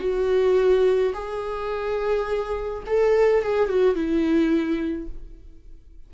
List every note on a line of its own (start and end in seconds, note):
0.00 1.13 F#4
1.14 2.84 G#4
2.87 3.43 A4
3.43 3.69 G#4
3.69 3.95 F#4
3.95 5.08 E4